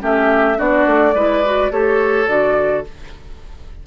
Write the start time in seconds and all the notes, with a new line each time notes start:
0.00 A3 C#4 G4 E5
0.57 B3 D4 F#4 D5
0.87 A3
1.14 G#3 E4 B4
1.45 F#4
1.71 A3 G4 A4 C#5
2.27 D3 F#4 D5